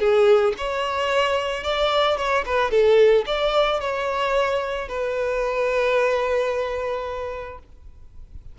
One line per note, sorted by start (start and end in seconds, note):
0.00 0.54 G#4
0.58 1.64 C#5
1.64 2.18 D5
2.18 2.45 C#5
2.46 2.71 B4
2.71 3.25 A4
3.27 3.81 D5
3.81 4.89 C#5
4.89 7.59 B4